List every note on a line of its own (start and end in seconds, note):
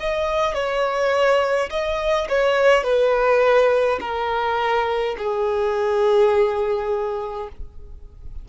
0.00 0.55 D#5
0.55 1.70 C#5
1.70 2.28 D#5
2.29 2.84 C#5
2.84 3.99 B4
4.01 5.16 A#4
5.18 7.49 G#4